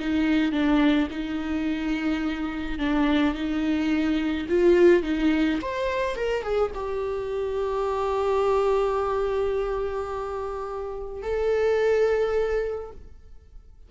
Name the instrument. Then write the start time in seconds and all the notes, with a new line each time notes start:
viola
0.00 D#4
0.52 D4
1.11 D#4
2.79 D4
3.35 D#4
4.49 F4
5.03 D#4
5.62 C5
6.16 A#4
6.43 G#4
6.75 G4
11.23 A4